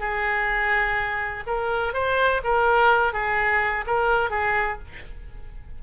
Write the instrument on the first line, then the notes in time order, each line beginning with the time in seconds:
oboe
0.00 G#4
1.47 A#4
1.94 C5
2.44 A#4
3.14 G#4
3.87 A#4
4.31 G#4